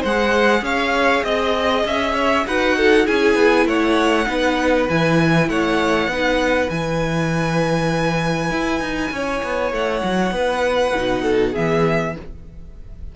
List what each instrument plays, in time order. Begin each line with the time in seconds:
0.00 cello G#3, violin C5 F#5
0.06 viola G#4
0.61 cello C#4, violin C#5 F5
1.23 cello C4, violin D#5
1.85 cello C#4, violin E5
2.14 violin C#5
2.46 cello D#4, viola F#4, violin B4 F#5
2.76 violin A4
3.06 cello C#4, viola E4, violin G#4 G#5
3.35 cello B3
3.65 cello A3, violin C#5 F#5
4.26 cello B3, viola D#4, violin B4
4.89 cello E3, viola E4, violin G#5
5.49 cello A3, violin C#5 F#5
6.07 cello B3, viola D#4, violin B4
6.69 cello E3, viola E4, violin G#5
8.51 cello E4
8.80 cello D#4
9.11 cello C#4, violin C#5
9.43 cello B3
9.72 cello A3, violin F#5
10.03 cello F#3
10.31 cello B3, violin B4
10.95 cello B2, viola D#4
11.22 violin A4
11.51 cello E3, viola B3, violin G#4 E5